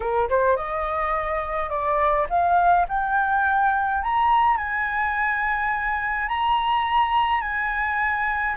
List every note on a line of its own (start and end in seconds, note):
0.00 0.29 A#4
0.29 0.56 C5
0.56 1.69 D#5
1.69 2.26 D5
2.29 2.86 F5
2.88 4.02 G5
4.02 4.57 A#5
4.57 6.28 G#5
6.28 7.41 A#5
7.41 8.55 G#5